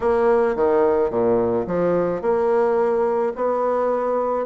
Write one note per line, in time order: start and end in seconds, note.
0.00 0.55 A#3
0.55 1.10 D#3
1.10 1.65 A#2
1.66 2.21 F3
2.21 3.32 A#3
3.35 4.45 B3